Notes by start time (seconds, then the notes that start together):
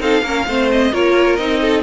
0.00 C4 D#4 A4 F5
0.22 A#3 C#4 A#4
0.47 A3 C4 C5
0.71 D#5
0.92 A#3 F4 A#4 C#5
1.36 C4 D#4 D#5
1.61 A4